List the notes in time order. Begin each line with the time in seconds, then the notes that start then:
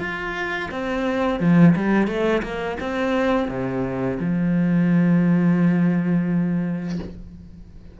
0.00 F4
0.71 C4
1.40 F3
1.76 G3
2.07 A3
2.43 A#3
2.80 C4
3.49 C3
4.20 F3